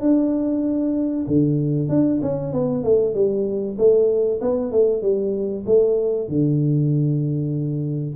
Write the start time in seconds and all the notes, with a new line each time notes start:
0.00 D4
1.27 D3
1.89 D4
2.21 C#4
2.53 B3
2.83 A3
3.14 G3
3.78 A3
4.41 B3
4.71 A3
5.02 G3
5.65 A3
6.28 D3